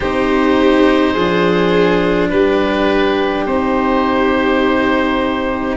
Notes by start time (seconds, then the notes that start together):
0.00 C4 D#4 G4 C5
1.13 F3 D4 G#4
2.29 G3 G4 B4
3.45 C4 D#4 C5